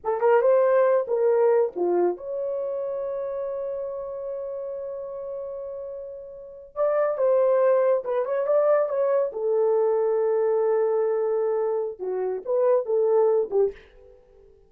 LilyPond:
\new Staff \with { instrumentName = "horn" } { \time 4/4 \tempo 4 = 140 a'8 ais'8 c''4. ais'4. | f'4 cis''2.~ | cis''1~ | cis''2.~ cis''8. d''16~ |
d''8. c''2 b'8 cis''8 d''16~ | d''8. cis''4 a'2~ a'16~ | a'1 | fis'4 b'4 a'4. g'8 | }